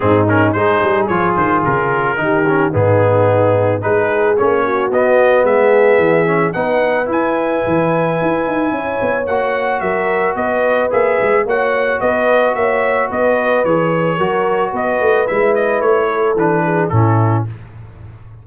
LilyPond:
<<
  \new Staff \with { instrumentName = "trumpet" } { \time 4/4 \tempo 4 = 110 gis'8 ais'8 c''4 cis''8 c''8 ais'4~ | ais'4 gis'2 b'4 | cis''4 dis''4 e''2 | fis''4 gis''2.~ |
gis''4 fis''4 e''4 dis''4 | e''4 fis''4 dis''4 e''4 | dis''4 cis''2 dis''4 | e''8 dis''8 cis''4 b'4 a'4 | }
  \new Staff \with { instrumentName = "horn" } { \time 4/4 dis'4 gis'2. | g'4 dis'2 gis'4~ | gis'8 fis'4. gis'2 | b'1 |
cis''2 ais'4 b'4~ | b'4 cis''4 b'4 cis''4 | b'2 ais'4 b'4~ | b'4. a'4 gis'8 e'4 | }
  \new Staff \with { instrumentName = "trombone" } { \time 4/4 c'8 cis'8 dis'4 f'2 | dis'8 cis'8 b2 dis'4 | cis'4 b2~ b8 cis'8 | dis'4 e'2.~ |
e'4 fis'2. | gis'4 fis'2.~ | fis'4 gis'4 fis'2 | e'2 d'4 cis'4 | }
  \new Staff \with { instrumentName = "tuba" } { \time 4/4 gis,4 gis8 g8 f8 dis8 cis4 | dis4 gis,2 gis4 | ais4 b4 gis4 e4 | b4 e'4 e4 e'8 dis'8 |
cis'8 b8 ais4 fis4 b4 | ais8 gis8 ais4 b4 ais4 | b4 e4 fis4 b8 a8 | gis4 a4 e4 a,4 | }
>>